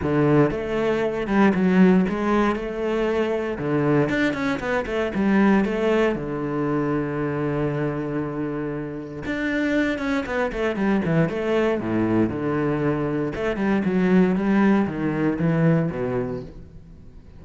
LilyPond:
\new Staff \with { instrumentName = "cello" } { \time 4/4 \tempo 4 = 117 d4 a4. g8 fis4 | gis4 a2 d4 | d'8 cis'8 b8 a8 g4 a4 | d1~ |
d2 d'4. cis'8 | b8 a8 g8 e8 a4 a,4 | d2 a8 g8 fis4 | g4 dis4 e4 b,4 | }